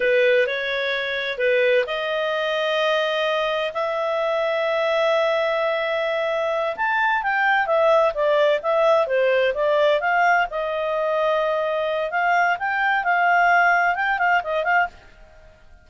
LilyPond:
\new Staff \with { instrumentName = "clarinet" } { \time 4/4 \tempo 4 = 129 b'4 cis''2 b'4 | dis''1 | e''1~ | e''2~ e''8 a''4 g''8~ |
g''8 e''4 d''4 e''4 c''8~ | c''8 d''4 f''4 dis''4.~ | dis''2 f''4 g''4 | f''2 g''8 f''8 dis''8 f''8 | }